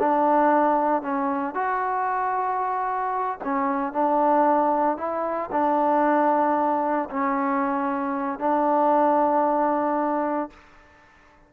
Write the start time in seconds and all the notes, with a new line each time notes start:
0.00 D4
1.02 C#4
1.55 F#4
3.44 C#4
3.93 D4
4.98 E4
5.52 D4
7.10 C#4
8.40 D4